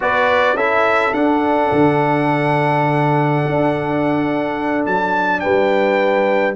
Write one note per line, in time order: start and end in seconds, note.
0.00 0.54 B3
0.00 0.56 F#4
0.00 0.55 B4
0.00 0.56 D5
0.54 1.11 C#4
0.54 1.13 E4
0.54 5.41 A4
0.54 1.13 E5
1.13 6.55 D4
1.13 1.70 D4
1.13 4.85 F#5
1.71 3.43 D3
3.46 4.86 D4
4.85 5.43 F#3
4.85 5.39 A5
5.39 6.56 G3
5.39 6.56 B4
5.39 6.54 G5